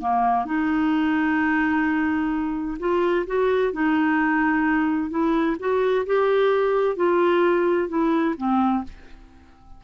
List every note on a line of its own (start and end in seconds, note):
0.00 0.45 A#3
0.45 2.78 D#4
2.79 3.26 F4
3.26 3.72 F#4
3.72 5.10 D#4
5.10 5.56 E4
5.59 6.06 F#4
6.06 6.96 G4
6.96 7.88 F4
7.88 8.35 E4
8.37 8.84 C4